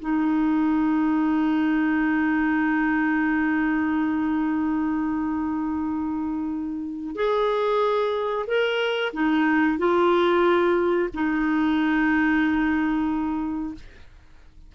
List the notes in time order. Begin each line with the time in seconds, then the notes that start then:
0.00 D#4
7.16 G#4
8.47 A#4
9.13 D#4
9.79 F4
11.14 D#4